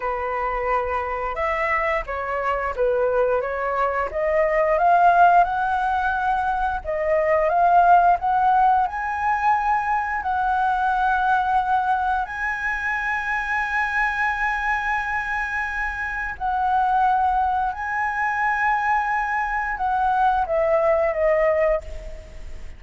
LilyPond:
\new Staff \with { instrumentName = "flute" } { \time 4/4 \tempo 4 = 88 b'2 e''4 cis''4 | b'4 cis''4 dis''4 f''4 | fis''2 dis''4 f''4 | fis''4 gis''2 fis''4~ |
fis''2 gis''2~ | gis''1 | fis''2 gis''2~ | gis''4 fis''4 e''4 dis''4 | }